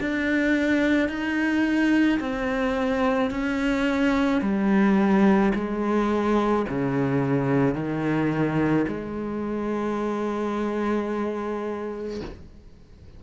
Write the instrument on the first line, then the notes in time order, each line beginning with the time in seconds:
cello
0.00 D4
1.08 D#4
2.20 C4
3.30 C#4
4.41 G3
5.55 G#3
6.69 C#3
7.74 D#3
8.87 G#3